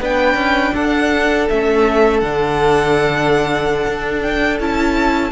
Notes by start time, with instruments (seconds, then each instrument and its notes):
0.00 cello B3, viola D4, violin B4 G5
0.34 cello C#4
0.74 cello D4, violin A4 F#5
1.48 cello A3, viola C#4, violin E5
2.20 cello D3, viola D4, violin F#5
3.87 cello D4
4.22 violin G5
4.59 cello C#4, viola E4, violin A5